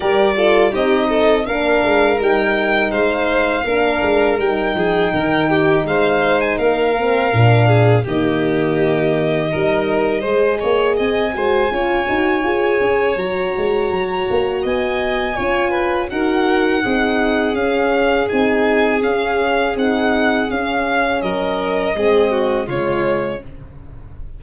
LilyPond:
<<
  \new Staff \with { instrumentName = "violin" } { \time 4/4 \tempo 4 = 82 d''4 dis''4 f''4 g''4 | f''2 g''2 | f''8. gis''16 f''2 dis''4~ | dis''2. gis''4~ |
gis''2 ais''2 | gis''2 fis''2 | f''4 gis''4 f''4 fis''4 | f''4 dis''2 cis''4 | }
  \new Staff \with { instrumentName = "violin" } { \time 4/4 ais'8 a'8 g'8 a'8 ais'2 | c''4 ais'4. gis'8 ais'8 g'8 | c''4 ais'4. gis'8 g'4~ | g'4 ais'4 c''8 cis''8 dis''8 c''8 |
cis''1 | dis''4 cis''8 b'8 ais'4 gis'4~ | gis'1~ | gis'4 ais'4 gis'8 fis'8 f'4 | }
  \new Staff \with { instrumentName = "horn" } { \time 4/4 g'8 f'8 dis'4 d'4 dis'4~ | dis'4 d'4 dis'2~ | dis'4. c'8 d'4 ais4~ | ais4 dis'4 gis'4. fis'8 |
f'8 fis'8 gis'4 fis'2~ | fis'4 f'4 fis'4 dis'4 | cis'4 dis'4 cis'4 dis'4 | cis'2 c'4 gis4 | }
  \new Staff \with { instrumentName = "tuba" } { \time 4/4 g4 c'4 ais8 gis8 g4 | gis4 ais8 gis8 g8 f8 dis4 | gis4 ais4 ais,4 dis4~ | dis4 g4 gis8 ais8 c'8 gis8 |
cis'8 dis'8 f'8 cis'8 fis8 gis8 fis8 ais8 | b4 cis'4 dis'4 c'4 | cis'4 c'4 cis'4 c'4 | cis'4 fis4 gis4 cis4 | }
>>